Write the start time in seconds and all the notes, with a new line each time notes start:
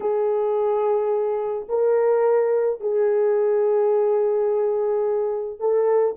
0.00 G#4
1.68 A#4
2.80 G#4
5.59 A4